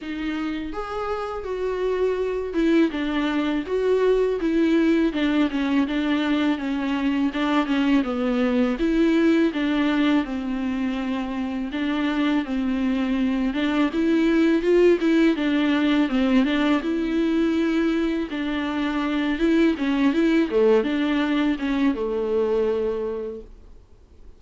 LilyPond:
\new Staff \with { instrumentName = "viola" } { \time 4/4 \tempo 4 = 82 dis'4 gis'4 fis'4. e'8 | d'4 fis'4 e'4 d'8 cis'8 | d'4 cis'4 d'8 cis'8 b4 | e'4 d'4 c'2 |
d'4 c'4. d'8 e'4 | f'8 e'8 d'4 c'8 d'8 e'4~ | e'4 d'4. e'8 cis'8 e'8 | a8 d'4 cis'8 a2 | }